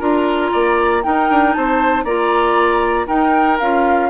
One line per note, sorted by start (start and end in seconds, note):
0.00 0.52 D4
0.00 1.03 F4
0.00 0.51 A#4
0.00 1.04 A#5
0.52 1.06 A#3
0.52 1.04 D5
1.04 2.07 D#4
1.04 1.30 D#4
1.04 1.56 A#4
1.04 1.53 G5
1.30 1.56 D4
1.53 2.05 C4
1.53 2.05 C5
1.53 2.05 A5
2.05 3.08 A#3
2.05 3.07 F4
2.05 3.07 D5
2.05 3.07 A#5
3.07 3.58 D#4
3.07 3.60 D#4
3.07 4.10 A#4
3.07 3.59 G5
3.59 4.10 C#4
3.59 4.10 F4
3.59 4.10 F5